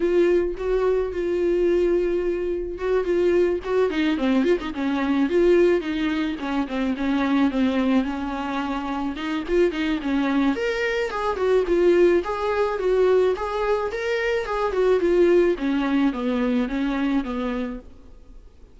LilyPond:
\new Staff \with { instrumentName = "viola" } { \time 4/4 \tempo 4 = 108 f'4 fis'4 f'2~ | f'4 fis'8 f'4 fis'8 dis'8 c'8 | f'16 dis'16 cis'4 f'4 dis'4 cis'8 | c'8 cis'4 c'4 cis'4.~ |
cis'8 dis'8 f'8 dis'8 cis'4 ais'4 | gis'8 fis'8 f'4 gis'4 fis'4 | gis'4 ais'4 gis'8 fis'8 f'4 | cis'4 b4 cis'4 b4 | }